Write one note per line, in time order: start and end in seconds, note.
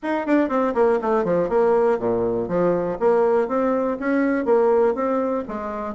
0.02 0.26 D#4
0.26 0.48 D4
0.48 0.73 C4
0.74 0.99 A#3
1.01 1.24 A3
1.24 1.49 F3
1.49 1.98 A#3
1.98 2.48 A#2
2.48 2.98 F3
2.99 3.48 A#3
3.48 3.97 C4
3.99 4.45 C#4
4.45 4.94 A#3
4.94 5.44 C4
5.47 5.94 G#3